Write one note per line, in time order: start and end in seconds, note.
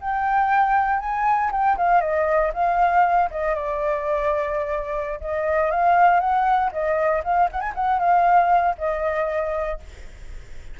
0.00 0.99 G5
0.99 1.50 G#5
1.51 1.77 G5
1.77 2.00 F5
2.00 2.51 D#5
2.53 3.30 F5
3.31 3.55 D#5
3.55 5.20 D5
5.20 5.70 D#5
5.70 6.20 F5
6.20 6.70 F#5
6.72 7.23 D#5
7.23 7.49 F5
7.51 7.60 F#5
7.60 7.73 G#5
7.75 7.99 F#5
7.99 8.75 F5
8.78 9.79 D#5